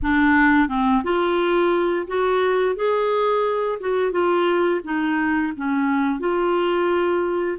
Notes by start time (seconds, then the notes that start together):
0.02 D4
0.68 C4
1.03 F4
2.07 F#4
2.75 G#4
3.80 F#4
4.11 F4
4.83 D#4
5.56 C#4
6.19 F4